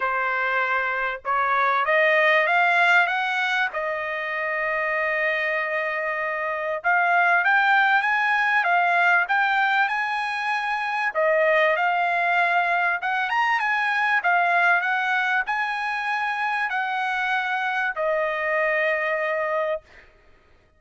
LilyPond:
\new Staff \with { instrumentName = "trumpet" } { \time 4/4 \tempo 4 = 97 c''2 cis''4 dis''4 | f''4 fis''4 dis''2~ | dis''2. f''4 | g''4 gis''4 f''4 g''4 |
gis''2 dis''4 f''4~ | f''4 fis''8 ais''8 gis''4 f''4 | fis''4 gis''2 fis''4~ | fis''4 dis''2. | }